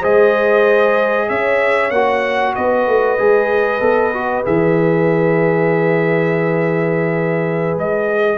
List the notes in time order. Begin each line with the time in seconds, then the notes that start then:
0.00 G#3 G#4 C5 D#5
1.28 C#4 C#5 E5
1.90 A#3 F#4 F#5
2.55 B3 B4 D#5
2.87 A3
3.18 G#3 G#4
3.80 B3 A4
4.13 F#4
4.44 E3 G#4 E5
7.76 G#3 D#5